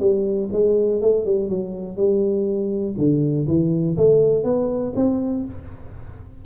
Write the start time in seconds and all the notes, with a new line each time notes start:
0.00 G3
0.52 G#3
1.02 A3
1.26 G3
1.49 F#3
1.97 G3
2.98 D3
3.48 E3
3.97 A3
4.44 B3
4.96 C4